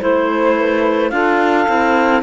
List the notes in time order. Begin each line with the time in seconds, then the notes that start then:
0.00 A3 E4 C5
0.56 B4
1.10 D4 F4 A4 F5
1.67 C4 E4